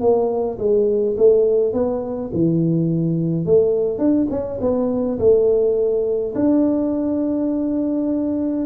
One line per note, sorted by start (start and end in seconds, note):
0.00 0.58 A#3
0.58 1.16 G#3
1.17 1.73 A3
1.73 2.31 B3
2.33 3.45 E3
3.45 3.98 A3
3.98 4.27 D4
4.30 4.59 C#4
4.60 5.18 B3
5.18 6.34 A3
6.35 8.66 D4